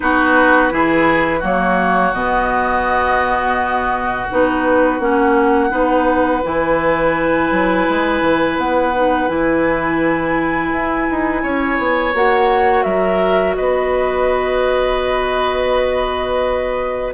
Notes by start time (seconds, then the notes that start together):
0.00 B3 D#4 F#4 B4
0.70 E3 E4 G#4
1.39 F#3 A#3 F#4
1.46 C#5
2.13 B2 B3 D#5
4.29 B3 D#4 B4
4.99 A#3 C#4 F#5
5.69 B3 D#4 B4
6.43 E3 E4 G#5
7.51 F#3
7.88 G#3
8.21 E3
8.57 B3 F#5
8.94 D#4
9.27 E3 E4 G#5
10.72 E4
11.10 D#4
11.42 C#4 C#5
11.78 B3
12.14 A#3 F#4 F#5
12.83 F#3 A#4 E5
13.55 B3 B4 D#5